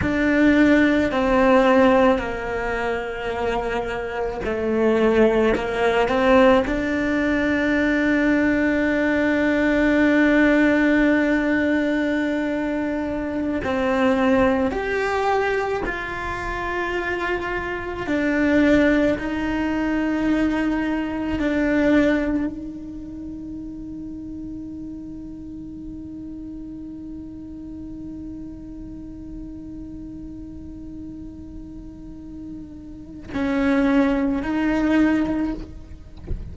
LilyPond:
\new Staff \with { instrumentName = "cello" } { \time 4/4 \tempo 4 = 54 d'4 c'4 ais2 | a4 ais8 c'8 d'2~ | d'1~ | d'16 c'4 g'4 f'4.~ f'16~ |
f'16 d'4 dis'2 d'8.~ | d'16 dis'2.~ dis'8.~ | dis'1~ | dis'2 cis'4 dis'4 | }